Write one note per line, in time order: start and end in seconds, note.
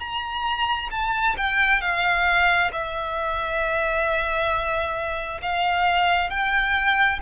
0.00 0.90 A#5
0.92 1.36 A5
1.38 1.82 G5
1.82 2.71 F5
2.73 5.41 E5
5.43 6.31 F5
6.31 7.20 G5